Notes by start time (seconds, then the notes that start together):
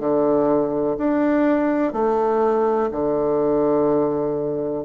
0.00 D3
0.98 D4
1.94 A3
2.92 D3